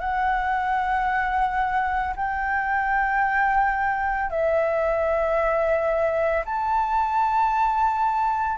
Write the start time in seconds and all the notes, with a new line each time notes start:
0.00 F#5
2.16 G5
4.30 E5
6.45 A5